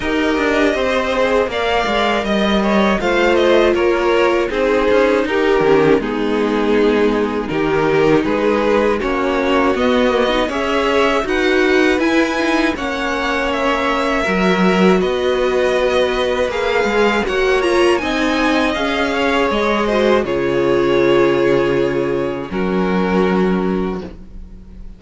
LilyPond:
<<
  \new Staff \with { instrumentName = "violin" } { \time 4/4 \tempo 4 = 80 dis''2 f''4 dis''4 | f''8 dis''8 cis''4 c''4 ais'4 | gis'2 ais'4 b'4 | cis''4 dis''4 e''4 fis''4 |
gis''4 fis''4 e''2 | dis''2 f''4 fis''8 ais''8 | gis''4 f''4 dis''4 cis''4~ | cis''2 ais'2 | }
  \new Staff \with { instrumentName = "violin" } { \time 4/4 ais'4 c''4 d''4 dis''8 cis''8 | c''4 ais'4 gis'4 g'4 | dis'2 g'4 gis'4 | fis'2 cis''4 b'4~ |
b'4 cis''2 ais'4 | b'2. cis''4 | dis''4. cis''4 c''8 gis'4~ | gis'2 fis'2 | }
  \new Staff \with { instrumentName = "viola" } { \time 4/4 g'4. gis'8 ais'2 | f'2 dis'4. cis'8 | b2 dis'2 | cis'4 b8 ais16 dis'16 gis'4 fis'4 |
e'8 dis'8 cis'2 fis'4~ | fis'2 gis'4 fis'8 f'8 | dis'4 gis'4. fis'8 f'4~ | f'2 cis'2 | }
  \new Staff \with { instrumentName = "cello" } { \time 4/4 dis'8 d'8 c'4 ais8 gis8 g4 | a4 ais4 c'8 cis'8 dis'8 dis8 | gis2 dis4 gis4 | ais4 b4 cis'4 dis'4 |
e'4 ais2 fis4 | b2 ais8 gis8 ais4 | c'4 cis'4 gis4 cis4~ | cis2 fis2 | }
>>